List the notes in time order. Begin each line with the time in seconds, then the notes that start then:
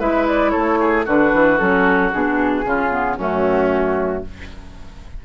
0.00 G#3 E4 B4 E5
0.28 D5
0.51 A3 A4 C#5
0.80 G#4
1.06 D3 D4 F#4 B4
1.34 E3
1.58 F#3 C#4 A4
2.12 B2 D4 G#4
2.65 C#3 C#4 F4
2.91 B3
3.17 F#2 A3 C#4 F#4